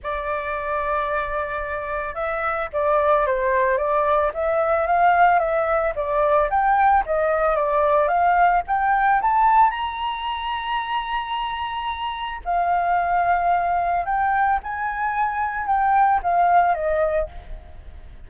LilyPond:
\new Staff \with { instrumentName = "flute" } { \time 4/4 \tempo 4 = 111 d''1 | e''4 d''4 c''4 d''4 | e''4 f''4 e''4 d''4 | g''4 dis''4 d''4 f''4 |
g''4 a''4 ais''2~ | ais''2. f''4~ | f''2 g''4 gis''4~ | gis''4 g''4 f''4 dis''4 | }